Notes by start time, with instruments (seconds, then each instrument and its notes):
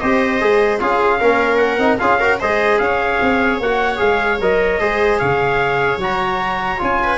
0.00 tuba C4, trombone G4, viola C5, trumpet D#5
0.41 tuba G#3, trombone G#4
0.79 tuba C#4, trombone F4, viola G#4, trumpet F5
1.20 tuba A#3, trombone C#4, viola A#4
1.58 trumpet F#5
1.78 tuba C4, trombone D#4
1.99 tuba C#4, trombone F4, viola G#4, trumpet F5
2.20 trombone F#4, viola A#4
2.40 tuba G#3, trombone G#4, viola C5, trumpet D#5
2.79 tuba C#4, viola C#5, trumpet F5
3.22 tuba C4
3.60 tuba A#3, trombone F#4, trumpet F#5
3.97 tuba G#3, trombone G#4, trumpet F5
4.40 tuba F#3, trombone A#4, trumpet D#5
4.80 tuba G#3, trombone G#4, viola C5
5.19 tuba C#3, viola C#5, trumpet F5
5.98 tuba F#3, trombone F#4, trumpet A#5
6.78 tuba C#4, trombone F4, trumpet G#5
7.03 viola B4